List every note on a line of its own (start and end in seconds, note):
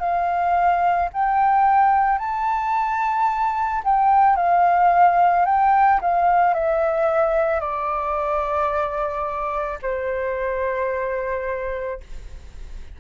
0.00 1.09 F5
1.13 2.19 G5
2.19 3.82 A5
3.84 4.36 G5
4.36 5.45 F5
5.46 6.00 G5
6.01 6.54 F5
6.54 7.61 E5
7.61 9.79 D5
9.82 12.00 C5